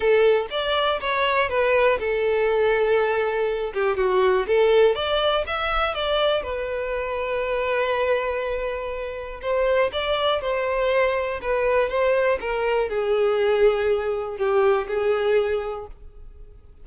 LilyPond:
\new Staff \with { instrumentName = "violin" } { \time 4/4 \tempo 4 = 121 a'4 d''4 cis''4 b'4 | a'2.~ a'8 g'8 | fis'4 a'4 d''4 e''4 | d''4 b'2.~ |
b'2. c''4 | d''4 c''2 b'4 | c''4 ais'4 gis'2~ | gis'4 g'4 gis'2 | }